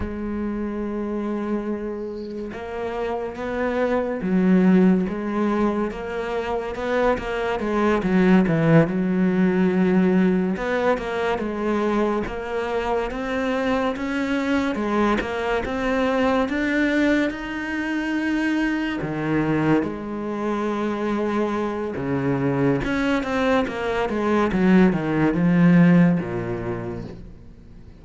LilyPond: \new Staff \with { instrumentName = "cello" } { \time 4/4 \tempo 4 = 71 gis2. ais4 | b4 fis4 gis4 ais4 | b8 ais8 gis8 fis8 e8 fis4.~ | fis8 b8 ais8 gis4 ais4 c'8~ |
c'8 cis'4 gis8 ais8 c'4 d'8~ | d'8 dis'2 dis4 gis8~ | gis2 cis4 cis'8 c'8 | ais8 gis8 fis8 dis8 f4 ais,4 | }